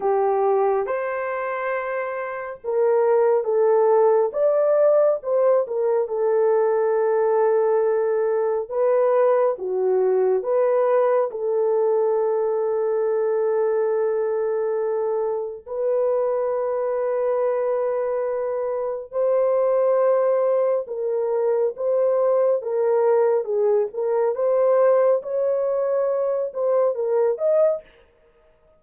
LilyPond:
\new Staff \with { instrumentName = "horn" } { \time 4/4 \tempo 4 = 69 g'4 c''2 ais'4 | a'4 d''4 c''8 ais'8 a'4~ | a'2 b'4 fis'4 | b'4 a'2.~ |
a'2 b'2~ | b'2 c''2 | ais'4 c''4 ais'4 gis'8 ais'8 | c''4 cis''4. c''8 ais'8 dis''8 | }